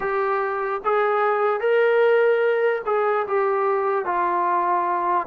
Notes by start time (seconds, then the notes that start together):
0.00 G4
0.84 G#4
1.60 A#4
2.85 G#4
3.27 G4
4.05 F4